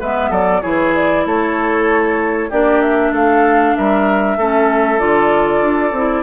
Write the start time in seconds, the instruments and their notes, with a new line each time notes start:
0.00 bassoon G#3, clarinet B3, oboe B4, flute E5
0.30 bassoon F#3, oboe A4, flute D5
0.61 bassoon E3, clarinet E4, oboe G#4, flute C#5
0.95 flute D5
1.26 bassoon A3, oboe A4, flute C#5
2.50 bassoon A#3, clarinet D4, oboe G4, flute D5
2.82 flute E5
3.12 bassoon A3, oboe A4, flute F5
3.76 bassoon G3, oboe A#4, flute E5
4.37 bassoon A3, clarinet C#4, oboe A4
4.99 bassoon D3, clarinet F4, flute D5
5.61 bassoon D4
5.92 bassoon C4, clarinet E4